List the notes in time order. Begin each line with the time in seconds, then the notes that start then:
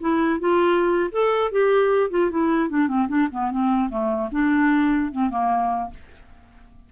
0.00 E4
0.40 F4
1.11 A4
1.51 G4
2.10 F4
2.30 E4
2.69 D4
2.87 C4
3.08 D4
3.31 B3
3.51 C4
3.90 A3
4.31 D4
5.12 C4
5.29 A#3